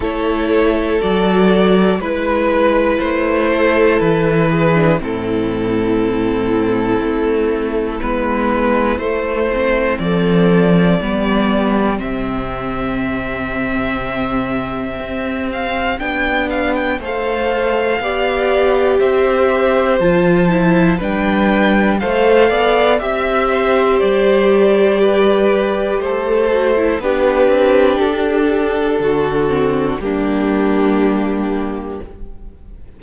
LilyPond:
<<
  \new Staff \with { instrumentName = "violin" } { \time 4/4 \tempo 4 = 60 cis''4 d''4 b'4 c''4 | b'4 a'2. | b'4 c''4 d''2 | e''2.~ e''8 f''8 |
g''8 f''16 g''16 f''2 e''4 | a''4 g''4 f''4 e''4 | d''2 c''4 b'4 | a'2 g'2 | }
  \new Staff \with { instrumentName = "violin" } { \time 4/4 a'2 b'4. a'8~ | a'8 gis'8 e'2.~ | e'2 a'4 g'4~ | g'1~ |
g'4 c''4 d''4 c''4~ | c''4 b'4 c''8 d''8 e''8 c''8~ | c''4 b'4 a'4 g'4~ | g'4 fis'4 d'2 | }
  \new Staff \with { instrumentName = "viola" } { \time 4/4 e'4 fis'4 e'2~ | e'8. d'16 c'2. | b4 a8 c'4. b4 | c'1 |
d'4 a'4 g'2 | f'8 e'8 d'4 a'4 g'4~ | g'2~ g'8 fis'16 e'16 d'4~ | d'4. c'8 ais2 | }
  \new Staff \with { instrumentName = "cello" } { \time 4/4 a4 fis4 gis4 a4 | e4 a,2 a4 | gis4 a4 f4 g4 | c2. c'4 |
b4 a4 b4 c'4 | f4 g4 a8 b8 c'4 | g2 a4 b8 c'8 | d'4 d4 g2 | }
>>